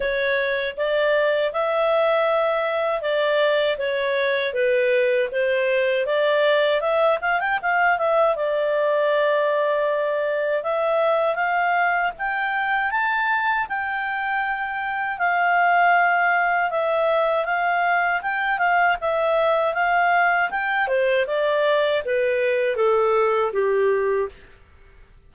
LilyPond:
\new Staff \with { instrumentName = "clarinet" } { \time 4/4 \tempo 4 = 79 cis''4 d''4 e''2 | d''4 cis''4 b'4 c''4 | d''4 e''8 f''16 g''16 f''8 e''8 d''4~ | d''2 e''4 f''4 |
g''4 a''4 g''2 | f''2 e''4 f''4 | g''8 f''8 e''4 f''4 g''8 c''8 | d''4 b'4 a'4 g'4 | }